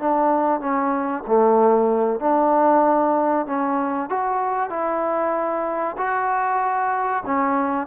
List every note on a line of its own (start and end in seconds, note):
0.00 0.61 D4
0.61 1.24 C#4
1.27 2.20 A3
2.20 3.47 D4
3.47 4.10 C#4
4.10 4.71 F#4
4.71 5.97 E4
5.98 7.24 F#4
7.26 7.87 C#4